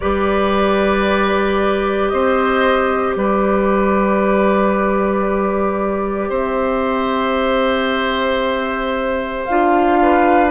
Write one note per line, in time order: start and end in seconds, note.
0.00 2.12 G3
0.00 9.48 G4
0.00 2.11 B4
0.00 2.08 D5
2.08 3.15 C4
2.08 3.17 C5
2.08 3.13 D#5
3.15 6.29 G3
3.15 6.29 B4
3.15 6.30 D5
6.29 9.45 C4
6.29 9.97 C5
6.29 9.45 E5
9.45 10.51 D4
9.45 10.51 F4
9.45 10.50 F5
10.02 10.51 B4